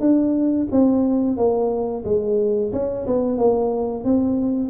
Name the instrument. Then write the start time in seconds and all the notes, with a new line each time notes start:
tuba
0.00 D4
0.71 C4
1.37 A#3
2.05 G#3
2.72 C#4
3.07 B3
3.38 A#3
4.04 C4